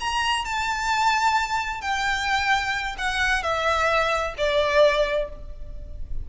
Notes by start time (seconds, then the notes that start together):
0.00 A#5
0.45 A5
1.81 G5
2.98 F#5
3.43 E5
4.37 D5